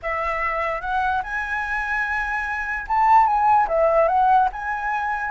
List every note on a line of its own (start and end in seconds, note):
0.02 0.81 E5
0.81 1.21 F#5
1.23 2.86 G#5
2.87 3.26 A5
3.26 3.67 G#5
3.68 4.08 E5
4.08 4.48 F#5
4.52 5.30 G#5